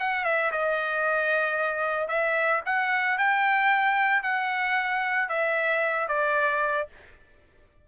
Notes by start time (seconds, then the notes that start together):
0.00 F#5
0.25 E5
0.52 D#5
2.08 E5
2.66 F#5
3.18 G5
4.23 F#5
5.29 E5
6.08 D5